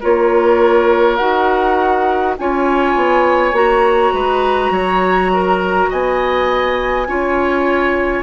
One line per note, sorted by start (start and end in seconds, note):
0.00 1.20 A#3
0.00 1.19 F4
0.00 2.35 A#4
0.00 1.16 C#5
1.16 2.37 D#4
1.16 2.36 F#4
1.16 2.34 F#5
2.38 2.96 C#4
2.38 3.52 F4
2.38 4.14 C#5
2.38 3.55 G#5
2.96 3.52 B3
3.52 4.11 A#3
3.52 7.05 F#4
3.52 5.90 A#5
4.13 4.70 G#3
4.13 4.72 B4
4.70 5.88 F#3
4.70 5.31 C#5
5.33 5.90 A#4
5.90 7.07 B3
5.90 7.07 D#5
5.90 8.23 G#5
7.07 8.23 C#4
7.07 8.23 F4
7.07 8.23 C#5